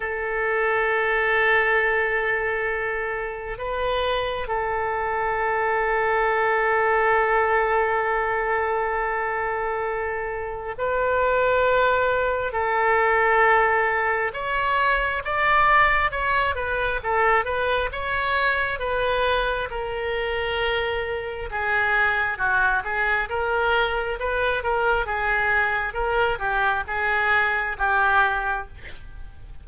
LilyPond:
\new Staff \with { instrumentName = "oboe" } { \time 4/4 \tempo 4 = 67 a'1 | b'4 a'2.~ | a'1 | b'2 a'2 |
cis''4 d''4 cis''8 b'8 a'8 b'8 | cis''4 b'4 ais'2 | gis'4 fis'8 gis'8 ais'4 b'8 ais'8 | gis'4 ais'8 g'8 gis'4 g'4 | }